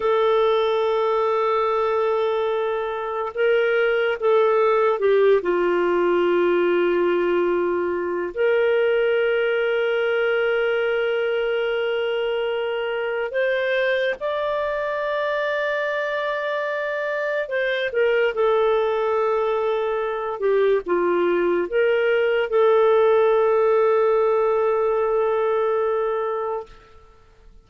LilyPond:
\new Staff \with { instrumentName = "clarinet" } { \time 4/4 \tempo 4 = 72 a'1 | ais'4 a'4 g'8 f'4.~ | f'2 ais'2~ | ais'1 |
c''4 d''2.~ | d''4 c''8 ais'8 a'2~ | a'8 g'8 f'4 ais'4 a'4~ | a'1 | }